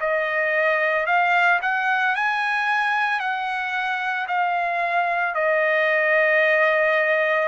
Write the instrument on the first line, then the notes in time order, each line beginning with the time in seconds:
trumpet
0.00 D#5
1.06 F5
1.62 F#5
2.15 G#5
3.19 F#5
4.28 F5
5.34 D#5